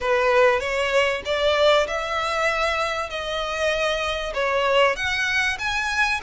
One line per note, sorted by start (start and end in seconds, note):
0.01 0.60 B4
0.60 1.22 C#5
1.25 1.86 D5
1.87 3.09 E5
3.09 4.33 D#5
4.34 4.95 C#5
4.95 5.57 F#5
5.58 6.20 G#5